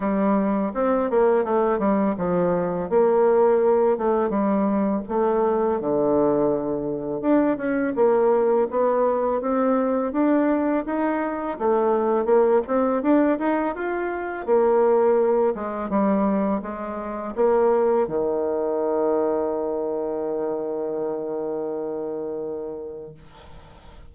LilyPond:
\new Staff \with { instrumentName = "bassoon" } { \time 4/4 \tempo 4 = 83 g4 c'8 ais8 a8 g8 f4 | ais4. a8 g4 a4 | d2 d'8 cis'8 ais4 | b4 c'4 d'4 dis'4 |
a4 ais8 c'8 d'8 dis'8 f'4 | ais4. gis8 g4 gis4 | ais4 dis2.~ | dis1 | }